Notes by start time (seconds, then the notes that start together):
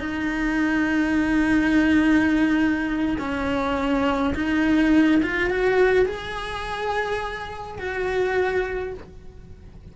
0.00 D#4
3.19 C#4
4.35 D#4
5.23 F4
5.51 F#4
6.06 G#4
7.79 F#4